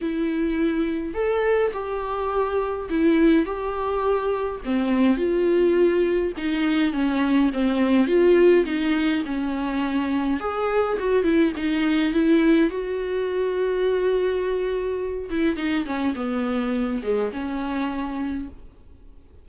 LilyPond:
\new Staff \with { instrumentName = "viola" } { \time 4/4 \tempo 4 = 104 e'2 a'4 g'4~ | g'4 e'4 g'2 | c'4 f'2 dis'4 | cis'4 c'4 f'4 dis'4 |
cis'2 gis'4 fis'8 e'8 | dis'4 e'4 fis'2~ | fis'2~ fis'8 e'8 dis'8 cis'8 | b4. gis8 cis'2 | }